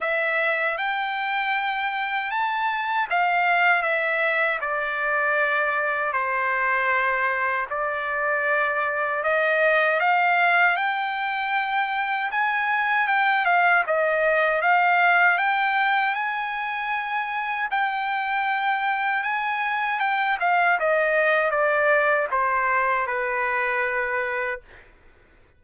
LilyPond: \new Staff \with { instrumentName = "trumpet" } { \time 4/4 \tempo 4 = 78 e''4 g''2 a''4 | f''4 e''4 d''2 | c''2 d''2 | dis''4 f''4 g''2 |
gis''4 g''8 f''8 dis''4 f''4 | g''4 gis''2 g''4~ | g''4 gis''4 g''8 f''8 dis''4 | d''4 c''4 b'2 | }